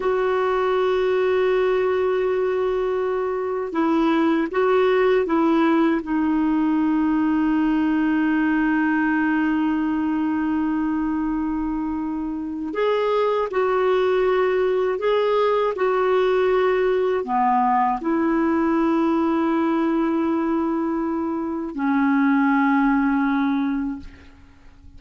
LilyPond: \new Staff \with { instrumentName = "clarinet" } { \time 4/4 \tempo 4 = 80 fis'1~ | fis'4 e'4 fis'4 e'4 | dis'1~ | dis'1~ |
dis'4 gis'4 fis'2 | gis'4 fis'2 b4 | e'1~ | e'4 cis'2. | }